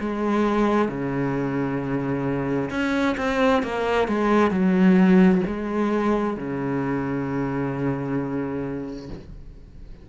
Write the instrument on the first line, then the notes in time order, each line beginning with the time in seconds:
cello
0.00 G#3
0.88 C#3
2.70 C#4
3.17 C4
3.63 A#3
4.08 G#3
4.51 F#3
5.47 G#3
6.37 C#3